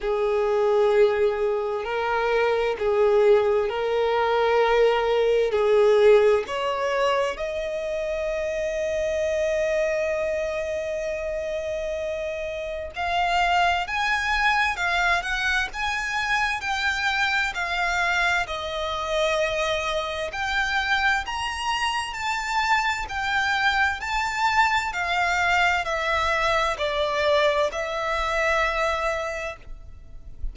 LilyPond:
\new Staff \with { instrumentName = "violin" } { \time 4/4 \tempo 4 = 65 gis'2 ais'4 gis'4 | ais'2 gis'4 cis''4 | dis''1~ | dis''2 f''4 gis''4 |
f''8 fis''8 gis''4 g''4 f''4 | dis''2 g''4 ais''4 | a''4 g''4 a''4 f''4 | e''4 d''4 e''2 | }